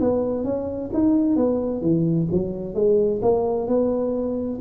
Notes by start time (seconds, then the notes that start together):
0.00 B3
0.44 C#4
0.93 D#4
1.36 B3
1.81 E3
2.31 F#3
2.74 G#3
3.21 A#3
3.67 B3